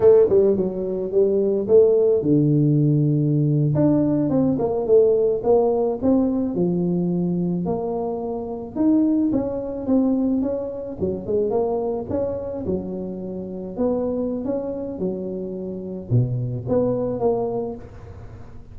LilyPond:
\new Staff \with { instrumentName = "tuba" } { \time 4/4 \tempo 4 = 108 a8 g8 fis4 g4 a4 | d2~ d8. d'4 c'16~ | c'16 ais8 a4 ais4 c'4 f16~ | f4.~ f16 ais2 dis'16~ |
dis'8. cis'4 c'4 cis'4 fis16~ | fis16 gis8 ais4 cis'4 fis4~ fis16~ | fis8. b4~ b16 cis'4 fis4~ | fis4 b,4 b4 ais4 | }